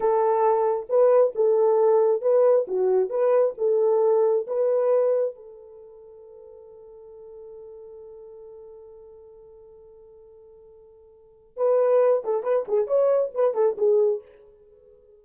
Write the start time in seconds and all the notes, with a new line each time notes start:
0.00 A4
0.89 B4
1.35 A4
2.21 B4
2.67 F#4
3.09 B4
3.57 A4
4.47 B4
5.35 A4
11.56 B4
12.24 A4
12.43 B4
12.68 G#4
12.87 C#5
13.34 B4
13.54 A4
13.77 G#4